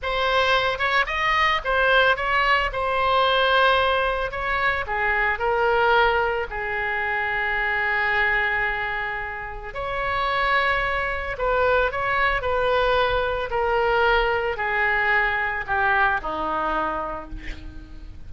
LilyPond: \new Staff \with { instrumentName = "oboe" } { \time 4/4 \tempo 4 = 111 c''4. cis''8 dis''4 c''4 | cis''4 c''2. | cis''4 gis'4 ais'2 | gis'1~ |
gis'2 cis''2~ | cis''4 b'4 cis''4 b'4~ | b'4 ais'2 gis'4~ | gis'4 g'4 dis'2 | }